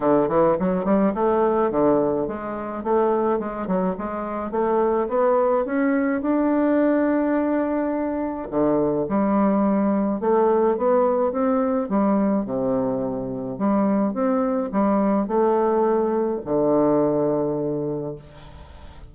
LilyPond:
\new Staff \with { instrumentName = "bassoon" } { \time 4/4 \tempo 4 = 106 d8 e8 fis8 g8 a4 d4 | gis4 a4 gis8 fis8 gis4 | a4 b4 cis'4 d'4~ | d'2. d4 |
g2 a4 b4 | c'4 g4 c2 | g4 c'4 g4 a4~ | a4 d2. | }